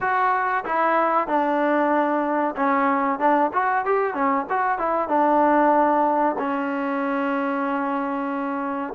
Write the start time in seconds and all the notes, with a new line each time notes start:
0.00 F#4
0.64 E4
1.27 D4
2.55 C#4
3.19 D4
3.53 F#4
3.85 G4
4.14 C#4
4.49 F#4
4.78 E4
5.08 D4
6.38 C#4